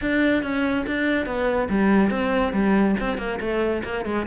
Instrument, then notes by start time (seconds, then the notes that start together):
cello
0.01 D4
0.43 C#4
0.86 D4
1.26 B3
1.69 G3
2.10 C4
2.53 G3
3.00 C4
3.17 A#3
3.40 A3
3.83 A#3
4.05 G#3